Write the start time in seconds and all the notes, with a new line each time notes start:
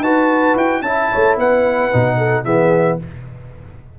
0.00 D#4 F#4 B4 A5
0.56 E4 G5
0.82 C#4 E4 E5 A5
1.12 A3 C#5
1.37 B3 B4 F#5
1.92 B2 D#4
2.18 A4
2.44 E3 B3 G#4 E5